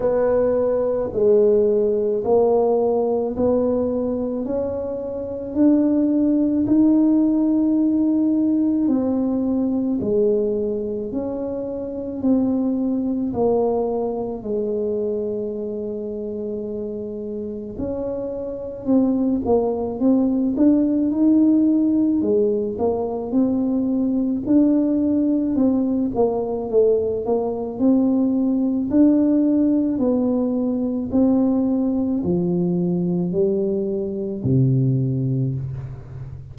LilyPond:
\new Staff \with { instrumentName = "tuba" } { \time 4/4 \tempo 4 = 54 b4 gis4 ais4 b4 | cis'4 d'4 dis'2 | c'4 gis4 cis'4 c'4 | ais4 gis2. |
cis'4 c'8 ais8 c'8 d'8 dis'4 | gis8 ais8 c'4 d'4 c'8 ais8 | a8 ais8 c'4 d'4 b4 | c'4 f4 g4 c4 | }